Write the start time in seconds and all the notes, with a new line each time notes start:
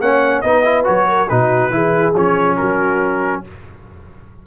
0.00 A#3 C#4 C#5 F#5
0.41 B3 D#4 B4 D#5
0.64 E4
0.84 F#3 F#4 C#5
1.09 A#4
1.29 B2 D#4 F#4 B4
1.70 E3 E4 G#4
2.15 F3 C#4 C#5
2.57 F#3 F#4 A#4